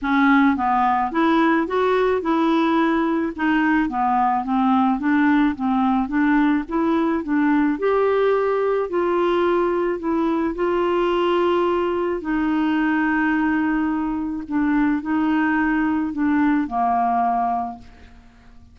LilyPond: \new Staff \with { instrumentName = "clarinet" } { \time 4/4 \tempo 4 = 108 cis'4 b4 e'4 fis'4 | e'2 dis'4 b4 | c'4 d'4 c'4 d'4 | e'4 d'4 g'2 |
f'2 e'4 f'4~ | f'2 dis'2~ | dis'2 d'4 dis'4~ | dis'4 d'4 ais2 | }